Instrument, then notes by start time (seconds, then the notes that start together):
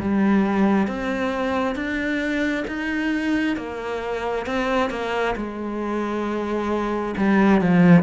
cello
0.00 G3
0.88 C4
1.75 D4
2.67 D#4
3.57 A#3
4.46 C4
4.90 A#3
5.36 G#3
7.17 G3
7.61 F3